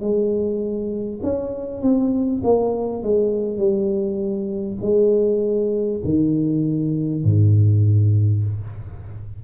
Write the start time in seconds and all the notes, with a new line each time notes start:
0.00 G#3
1.22 C#4
1.82 C4
2.43 A#3
3.03 G#3
3.57 G3
4.82 G#3
6.04 D#3
7.24 G#2